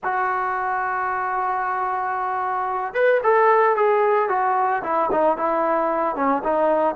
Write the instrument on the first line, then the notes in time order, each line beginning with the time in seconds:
trombone
0.03 F#4
2.94 B4
3.23 A4
3.76 G#4
4.29 F#4
4.83 E4
5.11 D#4
5.37 E4
6.15 C#4
6.43 D#4